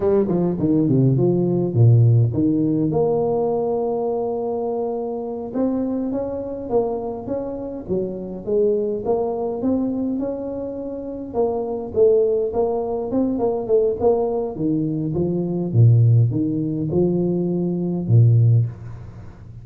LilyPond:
\new Staff \with { instrumentName = "tuba" } { \time 4/4 \tempo 4 = 103 g8 f8 dis8 c8 f4 ais,4 | dis4 ais2.~ | ais4. c'4 cis'4 ais8~ | ais8 cis'4 fis4 gis4 ais8~ |
ais8 c'4 cis'2 ais8~ | ais8 a4 ais4 c'8 ais8 a8 | ais4 dis4 f4 ais,4 | dis4 f2 ais,4 | }